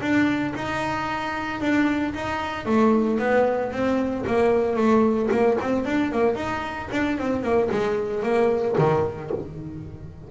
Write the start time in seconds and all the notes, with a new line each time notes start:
0.00 D4
0.55 D#4
1.60 D4
2.14 D#4
2.65 A3
3.18 B3
3.71 C4
4.26 A#3
4.76 A3
5.31 A#3
5.60 C4
5.85 D4
6.12 A#3
6.35 D#4
6.91 D4
7.18 C4
7.42 A#3
7.71 G#3
8.23 A#3
8.78 D#3